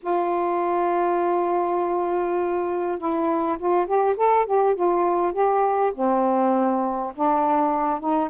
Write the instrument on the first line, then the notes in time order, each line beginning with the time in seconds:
saxophone
0.02 F4
2.98 E4
3.58 F4
3.86 G4
4.16 A4
4.46 G4
4.75 F4
5.32 G4
5.94 C4
7.15 D4
8.00 D#4